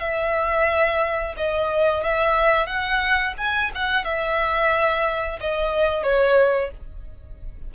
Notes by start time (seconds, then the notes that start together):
0.00 E5
1.37 D#5
2.04 E5
2.67 F#5
3.38 G#5
3.75 F#5
4.04 E5
5.41 D#5
6.03 C#5